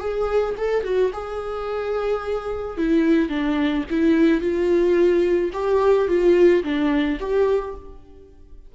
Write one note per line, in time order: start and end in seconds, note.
0.00 0.55 G#4
0.57 0.84 A4
0.84 1.12 F#4
1.13 2.77 G#4
2.77 3.29 E4
3.29 3.84 D4
3.90 4.41 E4
4.41 5.51 F4
5.53 6.08 G4
6.08 6.63 F4
6.64 7.19 D4
7.20 7.75 G4